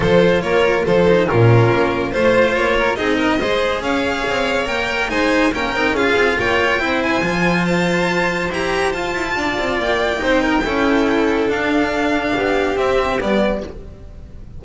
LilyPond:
<<
  \new Staff \with { instrumentName = "violin" } { \time 4/4 \tempo 4 = 141 c''4 cis''4 c''4 ais'4~ | ais'4 c''4 cis''4 dis''4~ | dis''4 f''2 g''4 | gis''4 g''4 f''4 g''4~ |
g''8 gis''4. a''2 | ais''4 a''2 g''4~ | g''2. f''4~ | f''2 e''4 d''4 | }
  \new Staff \with { instrumentName = "violin" } { \time 4/4 a'4 ais'4 a'4 f'4~ | f'4 c''4. ais'8 gis'8 ais'8 | c''4 cis''2. | c''4 ais'4 gis'4 cis''4 |
c''1~ | c''2 d''2 | c''8 ais'8 a'2.~ | a'4 g'2. | }
  \new Staff \with { instrumentName = "cello" } { \time 4/4 f'2~ f'8 dis'8 cis'4~ | cis'4 f'2 dis'4 | gis'2. ais'4 | dis'4 cis'8 dis'8 f'2 |
e'4 f'2. | g'4 f'2. | dis'4 e'2 d'4~ | d'2 c'4 b4 | }
  \new Staff \with { instrumentName = "double bass" } { \time 4/4 f4 ais4 f4 ais,4 | ais4 a4 ais4 c'4 | gis4 cis'4 c'4 ais4 | gis4 ais8 c'8 cis'8 c'8 ais4 |
c'4 f2. | e'4 f'8 e'8 d'8 c'8 ais4 | c'4 cis'2 d'4~ | d'4 b4 c'4 g4 | }
>>